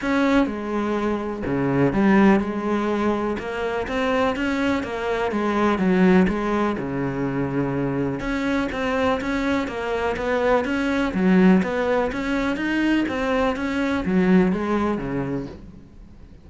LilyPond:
\new Staff \with { instrumentName = "cello" } { \time 4/4 \tempo 4 = 124 cis'4 gis2 cis4 | g4 gis2 ais4 | c'4 cis'4 ais4 gis4 | fis4 gis4 cis2~ |
cis4 cis'4 c'4 cis'4 | ais4 b4 cis'4 fis4 | b4 cis'4 dis'4 c'4 | cis'4 fis4 gis4 cis4 | }